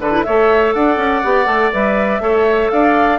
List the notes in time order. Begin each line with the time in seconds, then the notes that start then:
0.00 D3 A4 B4
0.12 E4
0.23 A3 A4 C#5 E5
0.73 D4 D5 F#5
0.97 C#4
1.23 B3 G4
1.45 A3 A4
1.72 G3 B4 E5
2.20 A3 A4 C#5
2.69 D4 D5 F5